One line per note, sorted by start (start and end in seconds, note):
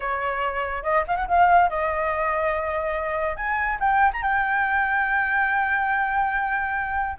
0.00 0.83 C#5
0.83 1.04 D#5
1.07 1.16 F5
1.16 1.27 F#5
1.27 1.69 F5
1.69 3.36 D#5
3.36 3.78 G#5
3.80 4.11 G5
4.13 4.22 A#5
4.22 7.18 G5